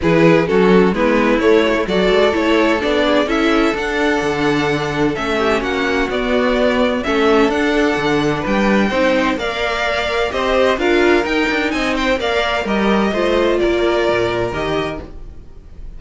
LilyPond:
<<
  \new Staff \with { instrumentName = "violin" } { \time 4/4 \tempo 4 = 128 b'4 a'4 b'4 cis''4 | d''4 cis''4 d''4 e''4 | fis''2. e''4 | fis''4 d''2 e''4 |
fis''2 g''2 | f''2 dis''4 f''4 | g''4 gis''8 g''8 f''4 dis''4~ | dis''4 d''2 dis''4 | }
  \new Staff \with { instrumentName = "violin" } { \time 4/4 gis'4 fis'4 e'2 | a'2~ a'8 gis'8 a'4~ | a'2.~ a'8 g'8 | fis'2. a'4~ |
a'2 b'4 c''4 | d''2 c''4 ais'4~ | ais'4 dis''8 c''8 d''4 ais'4 | c''4 ais'2. | }
  \new Staff \with { instrumentName = "viola" } { \time 4/4 e'4 cis'4 b4 a8 fis'16 a16 | fis'4 e'4 d'4 e'4 | d'2. cis'4~ | cis'4 b2 cis'4 |
d'2. dis'4 | ais'2 g'4 f'4 | dis'2 ais'4 g'4 | f'2. g'4 | }
  \new Staff \with { instrumentName = "cello" } { \time 4/4 e4 fis4 gis4 a4 | fis8 gis8 a4 b4 cis'4 | d'4 d2 a4 | ais4 b2 a4 |
d'4 d4 g4 c'4 | ais2 c'4 d'4 | dis'8 d'8 c'4 ais4 g4 | a4 ais4 ais,4 dis4 | }
>>